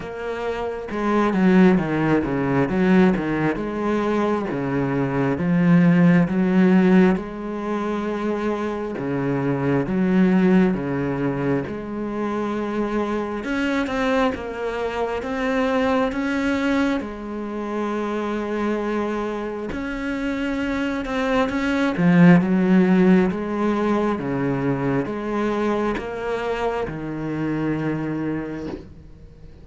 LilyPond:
\new Staff \with { instrumentName = "cello" } { \time 4/4 \tempo 4 = 67 ais4 gis8 fis8 dis8 cis8 fis8 dis8 | gis4 cis4 f4 fis4 | gis2 cis4 fis4 | cis4 gis2 cis'8 c'8 |
ais4 c'4 cis'4 gis4~ | gis2 cis'4. c'8 | cis'8 f8 fis4 gis4 cis4 | gis4 ais4 dis2 | }